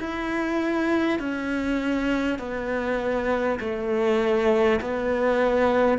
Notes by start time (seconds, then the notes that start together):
0.00 E4
1.19 C#4
2.38 B3
3.60 A3
4.81 B3